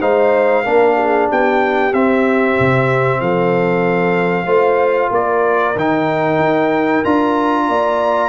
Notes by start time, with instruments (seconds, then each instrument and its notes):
0.00 tuba G#3, trombone D#4, horn C5, trumpet F5
0.63 tuba A#3, trombone D4, horn A#4
0.97 horn G#4
1.28 tuba B3, horn G4, trumpet G5
1.92 tuba C4, trombone C4, trumpet E5
2.59 tuba C3
3.20 tuba F3, horn A4, trumpet F5
4.45 tuba A3, trombone F4, horn C5
5.10 tuba A#3, horn A#4, trumpet D5
5.75 tuba D#3, trombone D#4, trumpet G5
6.38 tuba D#4
7.04 tuba D4, trombone F4, trumpet A#5
7.68 tuba A#3, horn D5